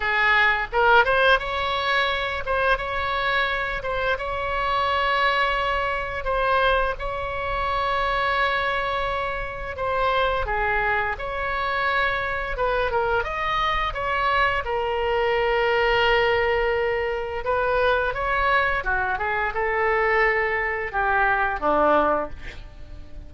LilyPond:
\new Staff \with { instrumentName = "oboe" } { \time 4/4 \tempo 4 = 86 gis'4 ais'8 c''8 cis''4. c''8 | cis''4. c''8 cis''2~ | cis''4 c''4 cis''2~ | cis''2 c''4 gis'4 |
cis''2 b'8 ais'8 dis''4 | cis''4 ais'2.~ | ais'4 b'4 cis''4 fis'8 gis'8 | a'2 g'4 d'4 | }